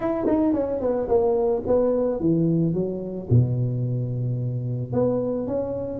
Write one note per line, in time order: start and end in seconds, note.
0.00 0.26 E4
0.26 0.53 D#4
0.53 0.80 C#4
0.80 1.07 B3
1.08 1.62 A#3
1.67 2.20 B3
2.20 2.73 E3
2.73 3.28 F#3
3.30 4.92 B2
4.92 5.47 B3
5.47 5.99 C#4